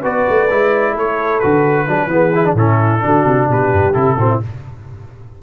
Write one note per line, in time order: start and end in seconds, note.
0.00 0.27 B3
0.00 0.50 F#4
0.00 0.92 B4
0.00 0.97 D5
0.29 0.51 A3
0.50 0.95 G#3
0.50 1.42 E4
0.92 1.42 A3
0.92 1.84 A4
0.92 1.40 C#5
1.40 1.88 D3
1.40 1.88 F#4
1.40 2.55 B4
1.88 2.07 F#3
1.88 2.10 D4
1.88 1.98 G#4
1.98 2.09 F#4
2.07 2.53 E3
2.07 2.33 B3
2.07 2.57 G#4
2.35 2.45 E4
2.45 2.56 D4
2.54 3.00 A2
2.54 3.01 C#4
2.54 3.04 E4
2.54 3.50 A4
3.01 3.25 D3
3.01 3.93 D4
3.01 3.49 F#4
3.25 3.48 C3
3.49 3.72 B2
3.49 4.18 G4
3.49 3.94 B4
3.72 3.95 G2
3.94 4.17 C3
3.94 4.17 E4
3.94 4.40 A4
4.17 4.40 A2
4.17 4.42 C4
4.17 4.30 F#4
4.30 4.42 E4